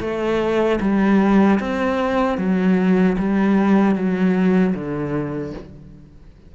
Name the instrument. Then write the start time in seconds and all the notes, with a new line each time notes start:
cello
0.00 A3
0.80 G3
1.59 C4
2.38 F#3
3.18 G3
3.95 F#3
4.74 D3